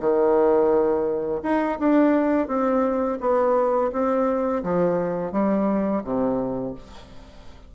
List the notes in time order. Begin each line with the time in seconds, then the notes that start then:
0.00 D#3
1.43 D#4
1.79 D4
2.48 C4
3.21 B3
3.92 C4
4.63 F3
5.32 G3
6.04 C3